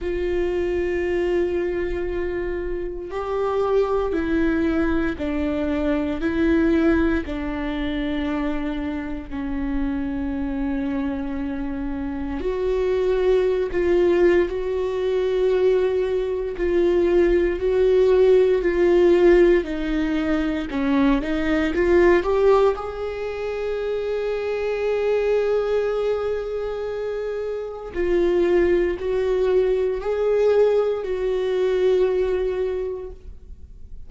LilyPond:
\new Staff \with { instrumentName = "viola" } { \time 4/4 \tempo 4 = 58 f'2. g'4 | e'4 d'4 e'4 d'4~ | d'4 cis'2. | fis'4~ fis'16 f'8. fis'2 |
f'4 fis'4 f'4 dis'4 | cis'8 dis'8 f'8 g'8 gis'2~ | gis'2. f'4 | fis'4 gis'4 fis'2 | }